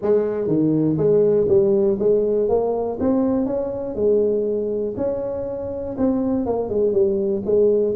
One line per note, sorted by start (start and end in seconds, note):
0.01 0.47 G#3
0.47 0.96 D#3
0.97 1.47 G#3
1.48 1.97 G3
1.99 2.48 G#3
2.48 2.98 A#3
3.00 3.46 C4
3.46 3.95 C#4
3.95 4.94 G#3
4.97 5.96 C#4
5.97 6.46 C4
6.46 6.69 A#3
6.69 6.92 G#3
6.92 7.42 G3
7.45 7.95 G#3